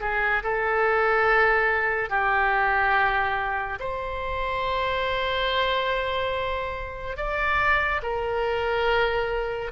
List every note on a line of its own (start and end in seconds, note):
0.00 0.42 G#4
0.43 2.09 A4
2.09 3.78 G4
3.79 7.16 C5
7.16 8.01 D5
8.02 9.71 A#4